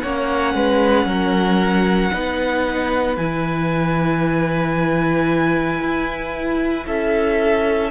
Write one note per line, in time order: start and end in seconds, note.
0.00 0.54 A#3
0.00 2.12 C#4
0.00 0.55 C#5
0.00 3.16 F#5
0.54 1.05 G#3
0.54 1.07 B4
1.05 2.10 F#3
1.05 2.12 A#4
2.12 3.17 B3
2.12 3.18 D#4
2.12 6.86 B4
3.17 5.80 E3
3.17 7.91 E4
3.17 6.86 G#5
5.80 6.86 E4
6.86 7.91 C#4
6.86 7.91 A4
6.86 7.91 E5